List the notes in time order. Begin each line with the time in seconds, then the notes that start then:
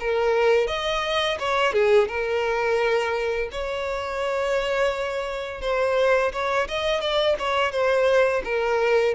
0.00 A#4
0.67 D#5
1.39 C#5
1.73 G#4
2.08 A#4
3.51 C#5
5.61 C5
6.32 C#5
6.68 D#5
7.01 D5
7.39 C#5
7.72 C5
8.44 A#4